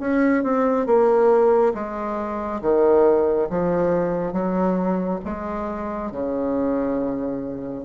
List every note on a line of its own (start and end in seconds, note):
0.00 0.43 C#4
0.43 0.86 C4
0.86 1.73 A#3
1.74 2.61 G#3
2.61 3.48 D#3
3.50 4.32 F3
4.32 5.19 F#3
5.25 6.11 G#3
6.12 7.85 C#3